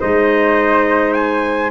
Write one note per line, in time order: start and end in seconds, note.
0.00 1.70 G#3
0.00 1.70 D#4
0.00 1.70 C5
0.00 1.13 D#5
1.13 1.70 G#5